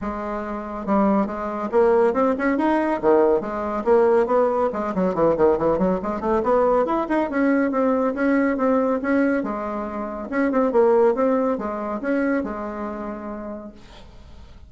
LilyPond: \new Staff \with { instrumentName = "bassoon" } { \time 4/4 \tempo 4 = 140 gis2 g4 gis4 | ais4 c'8 cis'8 dis'4 dis4 | gis4 ais4 b4 gis8 fis8 | e8 dis8 e8 fis8 gis8 a8 b4 |
e'8 dis'8 cis'4 c'4 cis'4 | c'4 cis'4 gis2 | cis'8 c'8 ais4 c'4 gis4 | cis'4 gis2. | }